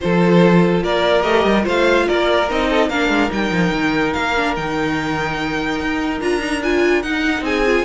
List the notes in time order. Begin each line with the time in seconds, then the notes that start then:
0.00 F3 F4 A4 C5
0.83 A#3 A#4 D5
1.22 A3 G4 D#5
1.44 G3
1.63 A3 F4 C5 F5
2.06 A#3 A#4 D5
2.49 C4 D#4 D#5
2.69 A4
2.89 A#3 D4 A#4 F5
3.09 G#3
3.29 G3 D#4 G5
3.50 F3
3.72 D#3
4.13 A#3 F5
4.36 D4
4.56 D#3 D#4 G5
5.80 D#4
6.20 D4 F4 A#5
6.39 D#4
6.63 F4 G#5
7.02 D#4 F#5
7.40 C4 G#4 G#5
7.65 F4